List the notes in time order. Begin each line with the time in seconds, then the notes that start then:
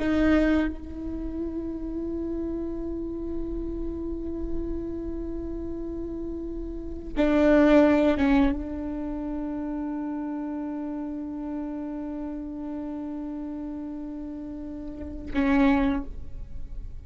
0.00 D#4
0.68 E4
7.17 D4
8.18 C#4
8.52 D4
15.34 C#4